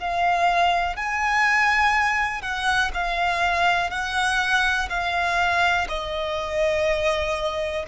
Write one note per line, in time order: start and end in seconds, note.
0.00 0.97 F5
0.97 2.42 G#5
2.42 2.92 F#5
2.94 3.90 F5
3.90 4.89 F#5
4.90 5.88 F5
5.89 7.86 D#5